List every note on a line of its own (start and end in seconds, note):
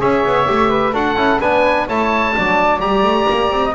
0.00 0.24 C#4
0.00 0.46 G#4
0.00 0.70 C#5
0.00 0.95 E5
0.25 0.48 B3
0.46 0.94 A3
0.46 0.93 G4
0.70 0.94 B4
0.94 1.16 D4
0.94 1.17 F#4
0.94 1.40 A4
0.94 1.41 F#5
1.16 1.39 C#4
1.16 1.41 E4
1.40 1.88 B3
1.40 1.89 D4
1.40 1.87 B4
1.40 1.88 G#5
1.88 2.35 A3
1.88 2.35 E4
1.88 2.35 C#5
1.88 2.81 A5
2.35 2.83 F#3
2.35 2.80 D4
2.35 3.65 D5
2.80 3.04 G3
2.80 3.74 G4
2.80 3.75 A#5
3.04 3.27 A3
3.30 3.51 A#3
3.51 3.74 C4
3.65 3.75 D#5